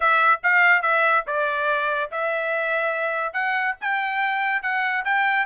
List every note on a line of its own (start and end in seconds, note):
0.00 0.40 E5
0.43 0.82 F5
0.82 1.24 E5
1.26 2.10 D5
2.11 3.33 E5
3.33 3.75 F#5
3.80 4.62 G5
4.62 5.04 F#5
5.05 5.45 G5